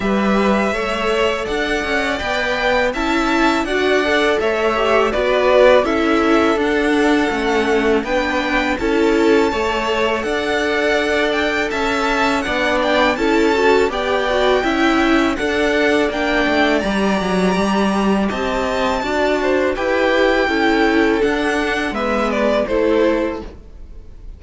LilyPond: <<
  \new Staff \with { instrumentName = "violin" } { \time 4/4 \tempo 4 = 82 e''2 fis''4 g''4 | a''4 fis''4 e''4 d''4 | e''4 fis''2 g''4 | a''2 fis''4. g''8 |
a''4 fis''8 g''8 a''4 g''4~ | g''4 fis''4 g''4 ais''4~ | ais''4 a''2 g''4~ | g''4 fis''4 e''8 d''8 c''4 | }
  \new Staff \with { instrumentName = "violin" } { \time 4/4 b'4 cis''4 d''2 | e''4 d''4 cis''4 b'4 | a'2. b'4 | a'4 cis''4 d''2 |
e''4 d''4 a'4 d''4 | e''4 d''2.~ | d''4 dis''4 d''8 c''8 b'4 | a'2 b'4 a'4 | }
  \new Staff \with { instrumentName = "viola" } { \time 4/4 g'4 a'2 b'4 | e'4 fis'8 a'4 g'8 fis'4 | e'4 d'4 cis'4 d'4 | e'4 a'2.~ |
a'4 d'4 e'8 fis'8 g'8 fis'8 | e'4 a'4 d'4 g'4~ | g'2 fis'4 g'4 | e'4 d'4 b4 e'4 | }
  \new Staff \with { instrumentName = "cello" } { \time 4/4 g4 a4 d'8 cis'8 b4 | cis'4 d'4 a4 b4 | cis'4 d'4 a4 b4 | cis'4 a4 d'2 |
cis'4 b4 cis'4 b4 | cis'4 d'4 ais8 a8 g8 fis8 | g4 c'4 d'4 e'4 | cis'4 d'4 gis4 a4 | }
>>